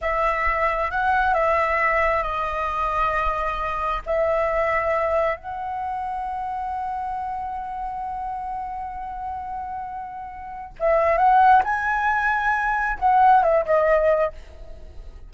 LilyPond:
\new Staff \with { instrumentName = "flute" } { \time 4/4 \tempo 4 = 134 e''2 fis''4 e''4~ | e''4 dis''2.~ | dis''4 e''2. | fis''1~ |
fis''1~ | fis''1 | e''4 fis''4 gis''2~ | gis''4 fis''4 e''8 dis''4. | }